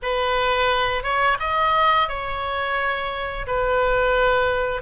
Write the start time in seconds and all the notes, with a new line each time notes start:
0.02 B4
1.03 C#5
1.39 D#5
2.08 C#5
3.47 B4